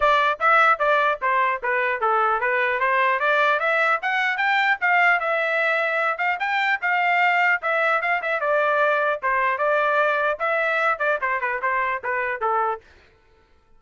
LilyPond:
\new Staff \with { instrumentName = "trumpet" } { \time 4/4 \tempo 4 = 150 d''4 e''4 d''4 c''4 | b'4 a'4 b'4 c''4 | d''4 e''4 fis''4 g''4 | f''4 e''2~ e''8 f''8 |
g''4 f''2 e''4 | f''8 e''8 d''2 c''4 | d''2 e''4. d''8 | c''8 b'8 c''4 b'4 a'4 | }